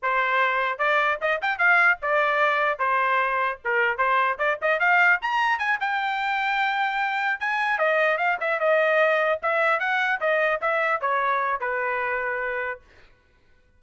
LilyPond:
\new Staff \with { instrumentName = "trumpet" } { \time 4/4 \tempo 4 = 150 c''2 d''4 dis''8 g''8 | f''4 d''2 c''4~ | c''4 ais'4 c''4 d''8 dis''8 | f''4 ais''4 gis''8 g''4.~ |
g''2~ g''8 gis''4 dis''8~ | dis''8 f''8 e''8 dis''2 e''8~ | e''8 fis''4 dis''4 e''4 cis''8~ | cis''4 b'2. | }